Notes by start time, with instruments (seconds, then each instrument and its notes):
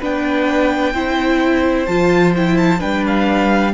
0.00 cello B3, viola D4, violin B4 G5
0.94 cello C4, viola E4, violin C5
1.86 cello F3, viola F4, violin A5
2.36 viola E4, violin G5
2.58 violin A5
2.79 cello G3, viola D4, violin B4 G5
3.07 violin F5